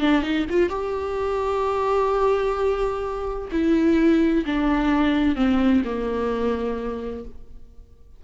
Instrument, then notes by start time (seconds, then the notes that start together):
viola
0.00 D4
0.22 D#4
0.50 F4
0.69 G4
3.51 E4
4.46 D4
5.36 C4
5.84 A#3